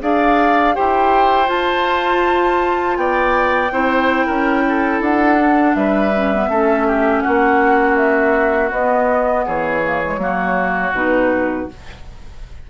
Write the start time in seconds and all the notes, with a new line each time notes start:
0.00 D4 G#4 D5 F5
0.73 E4 G4 C5 G5
1.46 F4 A5
2.97 B3 D5 G5
3.71 C4 E4 C5
4.26 C#4 A#4
4.69 A4
5.00 D4 F#5
5.38 D4
5.75 G3 B4 E5
6.14 C#4
6.33 B3
6.48 A3 C#4 A4
6.87 G4
7.21 F#4 F#5
7.27 A#3
7.96 E5
8.71 B3 D#5
9.45 E3 G#4 C#5
9.83 A#3
10.03 G#3
10.17 F#3 A#3 F#4
10.92 B2 D#4 B4